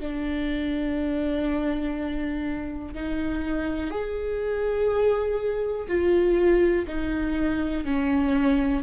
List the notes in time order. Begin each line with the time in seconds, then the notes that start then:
0.00 D4
2.95 D#4
3.91 G#4
5.88 F4
6.88 D#4
7.86 C#4